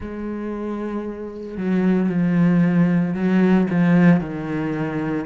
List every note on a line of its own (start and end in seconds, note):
0.00 1.57 G#3
1.57 2.09 F#3
2.09 3.14 F3
3.14 3.67 F#3
3.69 4.20 F3
4.20 5.25 D#3